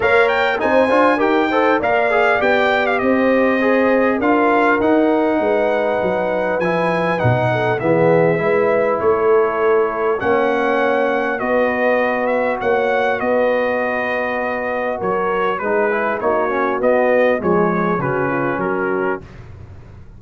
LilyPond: <<
  \new Staff \with { instrumentName = "trumpet" } { \time 4/4 \tempo 4 = 100 f''8 g''8 gis''4 g''4 f''4 | g''8. f''16 dis''2 f''4 | fis''2. gis''4 | fis''4 e''2 cis''4~ |
cis''4 fis''2 dis''4~ | dis''8 e''8 fis''4 dis''2~ | dis''4 cis''4 b'4 cis''4 | dis''4 cis''4 b'4 ais'4 | }
  \new Staff \with { instrumentName = "horn" } { \time 4/4 cis''4 c''4 ais'8 c''8 d''4~ | d''4 c''2 ais'4~ | ais'4 b'2.~ | b'8 a'8 gis'4 b'4 a'4~ |
a'4 cis''2 b'4~ | b'4 cis''4 b'2~ | b'4 ais'4 gis'4 fis'4~ | fis'4 gis'4 fis'8 f'8 fis'4 | }
  \new Staff \with { instrumentName = "trombone" } { \time 4/4 ais'4 dis'8 f'8 g'8 a'8 ais'8 gis'8 | g'2 gis'4 f'4 | dis'2. e'4 | dis'4 b4 e'2~ |
e'4 cis'2 fis'4~ | fis'1~ | fis'2 dis'8 e'8 dis'8 cis'8 | b4 gis4 cis'2 | }
  \new Staff \with { instrumentName = "tuba" } { \time 4/4 ais4 c'8 d'8 dis'4 ais4 | b4 c'2 d'4 | dis'4 gis4 fis4 f4 | b,4 e4 gis4 a4~ |
a4 ais2 b4~ | b4 ais4 b2~ | b4 fis4 gis4 ais4 | b4 f4 cis4 fis4 | }
>>